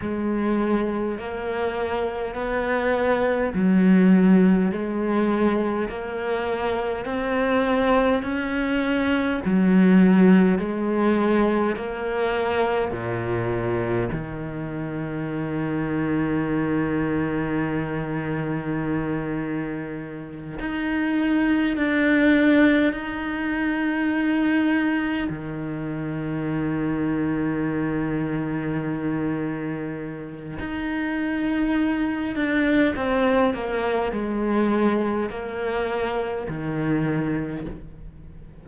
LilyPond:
\new Staff \with { instrumentName = "cello" } { \time 4/4 \tempo 4 = 51 gis4 ais4 b4 fis4 | gis4 ais4 c'4 cis'4 | fis4 gis4 ais4 ais,4 | dis1~ |
dis4. dis'4 d'4 dis'8~ | dis'4. dis2~ dis8~ | dis2 dis'4. d'8 | c'8 ais8 gis4 ais4 dis4 | }